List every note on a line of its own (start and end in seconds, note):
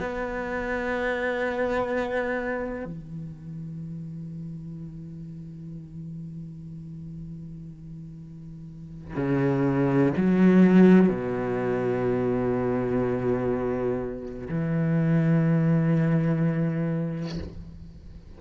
0.00 2.85 B3
2.85 9.14 E3
9.16 10.13 C#3
10.17 11.09 F#3
11.09 14.48 B2
14.49 17.39 E3